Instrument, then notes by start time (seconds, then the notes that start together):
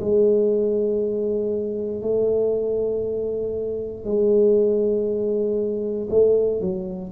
tuba
0.00 G#3
2.01 A3
4.04 G#3
6.10 A3
6.61 F#3